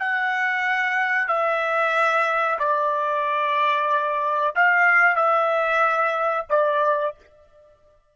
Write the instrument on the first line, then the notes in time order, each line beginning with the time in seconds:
trumpet
0.00 F#5
1.28 E5
2.59 D5
4.56 F5
5.16 E5
6.50 D5